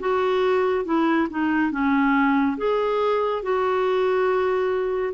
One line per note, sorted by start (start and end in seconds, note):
0.00 0.85 F#4
0.85 1.28 E4
1.31 1.71 D#4
1.71 2.57 C#4
2.58 3.42 G#4
3.42 5.14 F#4